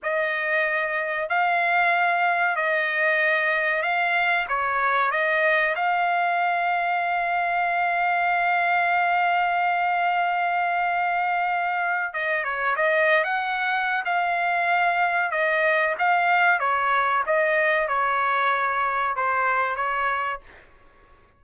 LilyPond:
\new Staff \with { instrumentName = "trumpet" } { \time 4/4 \tempo 4 = 94 dis''2 f''2 | dis''2 f''4 cis''4 | dis''4 f''2.~ | f''1~ |
f''2. dis''8 cis''8 | dis''8. fis''4~ fis''16 f''2 | dis''4 f''4 cis''4 dis''4 | cis''2 c''4 cis''4 | }